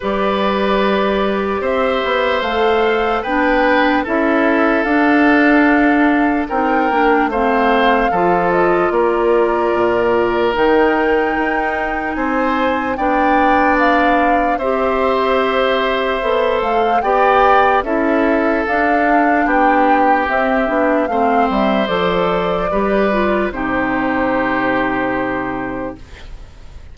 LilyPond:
<<
  \new Staff \with { instrumentName = "flute" } { \time 4/4 \tempo 4 = 74 d''2 e''4 f''4 | g''4 e''4 f''2 | g''4 f''4. dis''8 d''4~ | d''4 g''2 gis''4 |
g''4 f''4 e''2~ | e''8 f''8 g''4 e''4 f''4 | g''4 e''4 f''8 e''8 d''4~ | d''4 c''2. | }
  \new Staff \with { instrumentName = "oboe" } { \time 4/4 b'2 c''2 | b'4 a'2. | ais'4 c''4 a'4 ais'4~ | ais'2. c''4 |
d''2 c''2~ | c''4 d''4 a'2 | g'2 c''2 | b'4 g'2. | }
  \new Staff \with { instrumentName = "clarinet" } { \time 4/4 g'2. a'4 | d'4 e'4 d'2 | dis'8 d'8 c'4 f'2~ | f'4 dis'2. |
d'2 g'2 | a'4 g'4 e'4 d'4~ | d'4 c'8 d'8 c'4 a'4 | g'8 f'8 dis'2. | }
  \new Staff \with { instrumentName = "bassoon" } { \time 4/4 g2 c'8 b8 a4 | b4 cis'4 d'2 | c'8 ais8 a4 f4 ais4 | ais,4 dis4 dis'4 c'4 |
b2 c'2 | b8 a8 b4 cis'4 d'4 | b4 c'8 b8 a8 g8 f4 | g4 c2. | }
>>